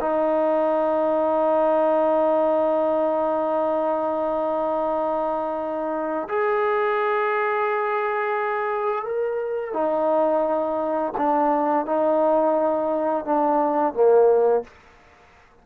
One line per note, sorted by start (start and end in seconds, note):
0.00 6.28 D#4
6.28 9.05 G#4
9.05 9.73 A#4
9.73 11.13 D#4
11.17 11.85 D4
11.85 13.24 D#4
13.24 13.93 D4
13.93 14.63 A#3